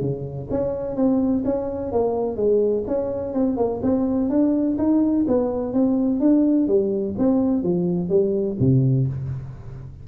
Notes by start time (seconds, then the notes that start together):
0.00 C#3
0.50 C#4
0.96 C4
1.44 C#4
1.92 A#3
2.36 G#3
2.87 C#4
3.33 C4
3.56 A#3
3.82 C4
4.29 D4
4.78 D#4
5.27 B3
5.73 C4
6.20 D4
6.67 G3
7.18 C4
7.63 F3
8.09 G3
8.60 C3